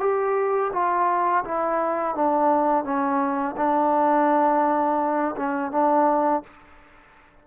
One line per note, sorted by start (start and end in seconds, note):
0.00 0.71 G4
0.73 1.44 F4
1.45 2.15 E4
2.15 2.84 D4
2.84 3.56 C#4
3.57 5.35 D4
5.37 5.72 C#4
5.72 6.43 D4